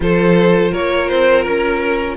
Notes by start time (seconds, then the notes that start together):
0.00 F3 F4 A4 C5
0.71 A#3 A#4 C#5
1.08 C4 C5
1.42 C#4 A#4